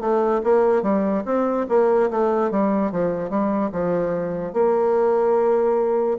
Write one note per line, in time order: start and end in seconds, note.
0.00 0.41 A3
0.43 0.82 A#3
0.82 1.23 G3
1.25 1.66 C4
1.68 2.10 A#3
2.10 2.50 A3
2.50 2.91 G3
2.91 3.29 F3
3.29 3.70 G3
3.72 4.53 F3
4.53 6.17 A#3